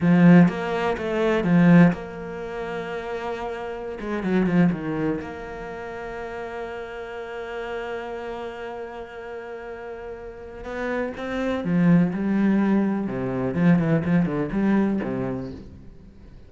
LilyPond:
\new Staff \with { instrumentName = "cello" } { \time 4/4 \tempo 4 = 124 f4 ais4 a4 f4 | ais1~ | ais16 gis8 fis8 f8 dis4 ais4~ ais16~ | ais1~ |
ais1~ | ais2 b4 c'4 | f4 g2 c4 | f8 e8 f8 d8 g4 c4 | }